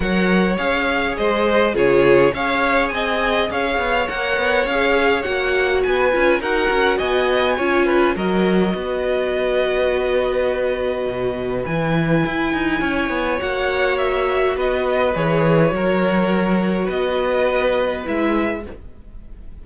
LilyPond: <<
  \new Staff \with { instrumentName = "violin" } { \time 4/4 \tempo 4 = 103 fis''4 f''4 dis''4 cis''4 | f''4 gis''4 f''4 fis''4 | f''4 fis''4 gis''4 fis''4 | gis''2 dis''2~ |
dis''1 | gis''2. fis''4 | e''4 dis''4 cis''2~ | cis''4 dis''2 e''4 | }
  \new Staff \with { instrumentName = "violin" } { \time 4/4 cis''2 c''4 gis'4 | cis''4 dis''4 cis''2~ | cis''2 b'4 ais'4 | dis''4 cis''8 b'8 ais'4 b'4~ |
b'1~ | b'2 cis''2~ | cis''4 b'2 ais'4~ | ais'4 b'2. | }
  \new Staff \with { instrumentName = "viola" } { \time 4/4 ais'4 gis'2 f'4 | gis'2. ais'4 | gis'4 fis'4. f'8 fis'4~ | fis'4 f'4 fis'2~ |
fis'1 | e'2. fis'4~ | fis'2 gis'4 fis'4~ | fis'2. e'4 | }
  \new Staff \with { instrumentName = "cello" } { \time 4/4 fis4 cis'4 gis4 cis4 | cis'4 c'4 cis'8 b8 ais8 b8 | cis'4 ais4 b8 cis'8 dis'8 cis'8 | b4 cis'4 fis4 b4~ |
b2. b,4 | e4 e'8 dis'8 cis'8 b8 ais4~ | ais4 b4 e4 fis4~ | fis4 b2 gis4 | }
>>